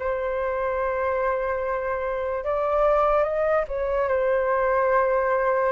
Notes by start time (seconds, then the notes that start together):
0.00 C5
2.45 D5
3.24 D#5
3.68 C#5
4.09 C5